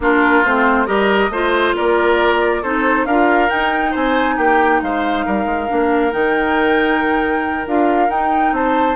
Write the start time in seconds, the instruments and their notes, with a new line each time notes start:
0.00 bassoon A#3, clarinet D4, oboe F4, flute A#4
0.44 bassoon A3, clarinet C4, flute C5
0.86 bassoon G3, clarinet G4, oboe A#4, flute D#5
1.29 bassoon A3, clarinet F4, oboe C5
1.76 bassoon A#3, oboe A#4, flute D5
2.62 bassoon C4, clarinet D#4, oboe A4, flute C5
3.05 bassoon D4, clarinet F4, oboe A#4, flute F5
3.49 clarinet D#4, bassoon D#4, flute G5
3.91 bassoon C4, oboe C5, flute G#5
4.36 bassoon A#3, oboe G4, flute G5
4.82 bassoon G#3, oboe C5, flute F5
5.25 bassoon G3, oboe A#4
5.45 bassoon G#3
5.67 bassoon A#3, clarinet D4
6.11 bassoon D#3, clarinet D#4, flute G5
7.67 bassoon D4, clarinet F4, flute F5
8.08 bassoon D#4, clarinet D#4, flute G5
8.52 bassoon C4, oboe C5, flute A5